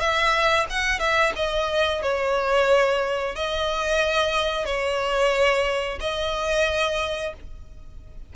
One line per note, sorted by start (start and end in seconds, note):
0.00 0.67 E5
0.70 1.00 F#5
1.00 1.33 E5
1.36 2.02 D#5
2.02 3.36 C#5
3.36 4.66 D#5
4.66 5.99 C#5
6.00 7.34 D#5